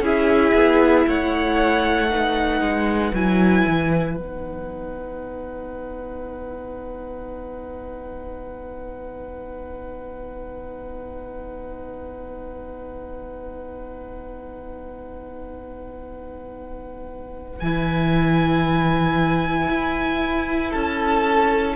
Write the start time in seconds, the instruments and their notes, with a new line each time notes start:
0.00 cello C#4, viola E4, violin G#4 E5
0.54 cello B3
1.07 cello A3, violin C#5 F#5
2.09 viola D#4, violin B4
2.60 cello G#3
3.13 cello F#3, viola E4, violin G#5
3.67 cello E3
4.16 cello B3, viola D#4, violin F#5
17.60 cello E3, viola E4, violin G#5
19.69 cello E4
20.70 cello C#4, violin A4 A5